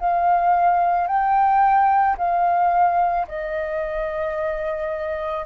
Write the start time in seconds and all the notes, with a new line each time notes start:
0.00 F5
1.07 G5
2.18 F5
3.28 D#5